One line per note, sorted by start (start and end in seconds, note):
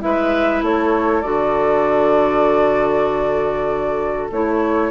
0.00 0.61 G#3
0.00 1.22 E4
0.00 0.65 B4
0.00 0.62 E5
0.61 1.22 A3
0.61 4.91 A4
0.61 1.22 C#5
1.22 4.30 D3
1.22 4.29 F#4
1.22 4.28 D5
4.31 4.91 A3
4.31 4.91 E4
4.31 4.91 C#5